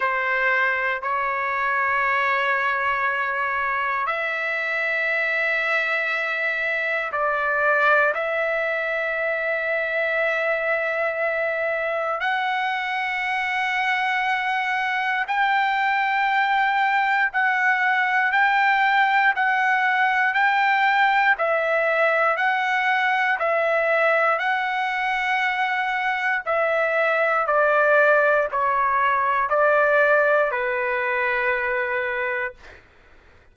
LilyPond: \new Staff \with { instrumentName = "trumpet" } { \time 4/4 \tempo 4 = 59 c''4 cis''2. | e''2. d''4 | e''1 | fis''2. g''4~ |
g''4 fis''4 g''4 fis''4 | g''4 e''4 fis''4 e''4 | fis''2 e''4 d''4 | cis''4 d''4 b'2 | }